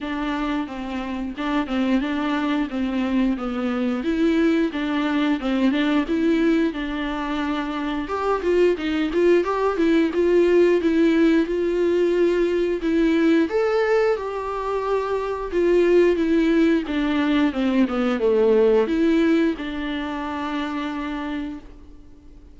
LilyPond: \new Staff \with { instrumentName = "viola" } { \time 4/4 \tempo 4 = 89 d'4 c'4 d'8 c'8 d'4 | c'4 b4 e'4 d'4 | c'8 d'8 e'4 d'2 | g'8 f'8 dis'8 f'8 g'8 e'8 f'4 |
e'4 f'2 e'4 | a'4 g'2 f'4 | e'4 d'4 c'8 b8 a4 | e'4 d'2. | }